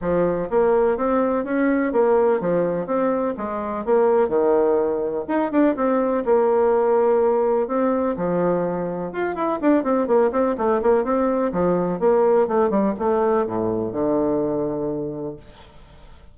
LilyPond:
\new Staff \with { instrumentName = "bassoon" } { \time 4/4 \tempo 4 = 125 f4 ais4 c'4 cis'4 | ais4 f4 c'4 gis4 | ais4 dis2 dis'8 d'8 | c'4 ais2. |
c'4 f2 f'8 e'8 | d'8 c'8 ais8 c'8 a8 ais8 c'4 | f4 ais4 a8 g8 a4 | a,4 d2. | }